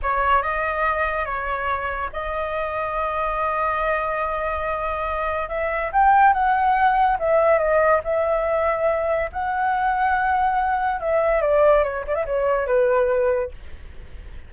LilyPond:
\new Staff \with { instrumentName = "flute" } { \time 4/4 \tempo 4 = 142 cis''4 dis''2 cis''4~ | cis''4 dis''2.~ | dis''1~ | dis''4 e''4 g''4 fis''4~ |
fis''4 e''4 dis''4 e''4~ | e''2 fis''2~ | fis''2 e''4 d''4 | cis''8 d''16 e''16 cis''4 b'2 | }